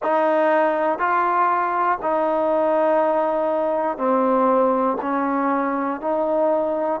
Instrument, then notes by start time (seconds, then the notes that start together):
trombone
0.03 D#4
0.98 F4
2.02 D#4
3.97 C4
5.01 C#4
6.00 D#4